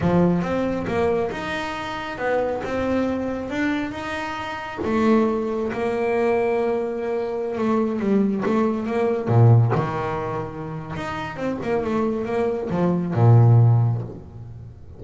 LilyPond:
\new Staff \with { instrumentName = "double bass" } { \time 4/4 \tempo 4 = 137 f4 c'4 ais4 dis'4~ | dis'4 b4 c'2 | d'4 dis'2 a4~ | a4 ais2.~ |
ais4~ ais16 a4 g4 a8.~ | a16 ais4 ais,4 dis4.~ dis16~ | dis4 dis'4 c'8 ais8 a4 | ais4 f4 ais,2 | }